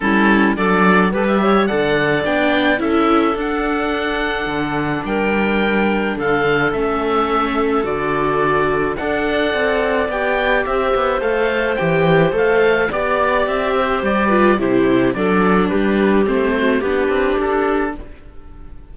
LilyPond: <<
  \new Staff \with { instrumentName = "oboe" } { \time 4/4 \tempo 4 = 107 a'4 d''4 a'16 e''8. fis''4 | g''4 e''4 fis''2~ | fis''4 g''2 f''4 | e''2 d''2 |
fis''2 g''4 e''4 | f''4 g''4 f''4 d''4 | e''4 d''4 c''4 d''4 | b'4 c''4 b'4 a'4 | }
  \new Staff \with { instrumentName = "clarinet" } { \time 4/4 e'4 a'4 b'8 cis''8 d''4~ | d''4 a'2.~ | a'4 ais'2 a'4~ | a'1 |
d''2. c''4~ | c''2. d''4~ | d''8 c''4 b'8 g'4 a'4 | g'4. fis'8 g'2 | }
  \new Staff \with { instrumentName = "viola" } { \time 4/4 cis'4 d'4 g'4 a'4 | d'4 e'4 d'2~ | d'1 | cis'2 fis'2 |
a'2 g'2 | a'4 g'4 a'4 g'4~ | g'4. f'8 e'4 d'4~ | d'4 c'4 d'2 | }
  \new Staff \with { instrumentName = "cello" } { \time 4/4 g4 fis4 g4 d4 | b4 cis'4 d'2 | d4 g2 d4 | a2 d2 |
d'4 c'4 b4 c'8 b8 | a4 e4 a4 b4 | c'4 g4 c4 fis4 | g4 a4 b8 c'8 d'4 | }
>>